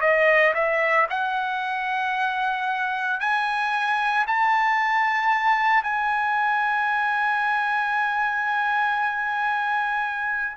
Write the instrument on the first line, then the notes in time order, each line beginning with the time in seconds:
trumpet
0.00 D#5
0.54 E5
1.10 F#5
3.20 G#5
4.26 A5
5.82 G#5